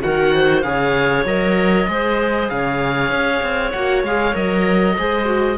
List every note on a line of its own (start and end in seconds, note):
0.00 0.63 D#3
0.00 0.62 F#4
0.00 0.34 A#4
0.00 0.62 F#5
0.34 0.65 C5
0.62 1.24 C#3
0.62 1.25 G#4
0.62 1.90 C#5
0.62 1.23 F5
1.24 1.86 F#3
1.24 1.87 A#4
1.24 2.49 D#5
1.87 2.50 G#3
1.87 3.72 G#4
1.87 2.52 C5
2.49 3.10 C#3
2.49 4.97 C#5
2.49 3.70 F5
3.10 3.41 C#4
3.42 3.73 C4
3.70 4.03 A#3
3.70 4.06 F#4
3.70 4.01 F#5
4.03 4.34 G#3
4.03 4.34 G#4
4.03 4.35 F5
4.34 4.97 F#3
4.34 4.95 A#4
4.34 5.57 D#5
4.97 5.57 G#3
4.97 5.25 G#4
4.97 5.57 C5
5.25 5.56 F#4